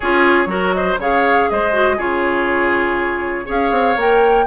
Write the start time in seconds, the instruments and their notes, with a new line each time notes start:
0.00 bassoon C#4, clarinet F4, oboe G#4, flute C#5
0.46 bassoon F#3, clarinet F#4, oboe A#4
0.73 oboe C5, flute D#5
0.98 bassoon C#3, clarinet G#4, oboe C#5, flute F5
1.50 bassoon G#3, oboe C5, flute D#5
1.72 clarinet F#4
1.96 bassoon C#3, clarinet F4, oboe G#4, flute C#5
3.45 bassoon C#4, clarinet G#4, oboe C#5, flute F5
3.71 bassoon C4
3.96 bassoon A#3, clarinet A#4, flute G5